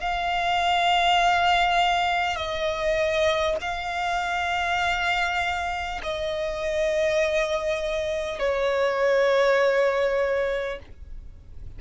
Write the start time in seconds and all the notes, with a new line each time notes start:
0.00 F5
2.36 D#5
3.61 F5
6.03 D#5
8.39 C#5